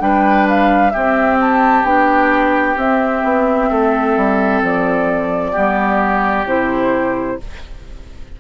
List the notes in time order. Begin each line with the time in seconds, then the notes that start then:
0.00 G3 D4 B4 G5
0.49 F5
0.91 C4 G4 E5
1.41 A5
1.84 B3 D4 G5
2.77 C4 E5
3.24 B3
3.70 A3 A4
4.17 G3
4.62 F3 D5
5.52 G3 B3 G4
6.45 C3 E4 C5